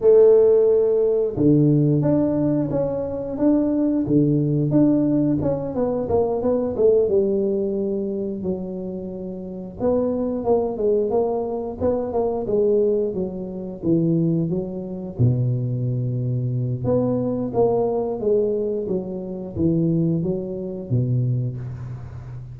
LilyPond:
\new Staff \with { instrumentName = "tuba" } { \time 4/4 \tempo 4 = 89 a2 d4 d'4 | cis'4 d'4 d4 d'4 | cis'8 b8 ais8 b8 a8 g4.~ | g8 fis2 b4 ais8 |
gis8 ais4 b8 ais8 gis4 fis8~ | fis8 e4 fis4 b,4.~ | b,4 b4 ais4 gis4 | fis4 e4 fis4 b,4 | }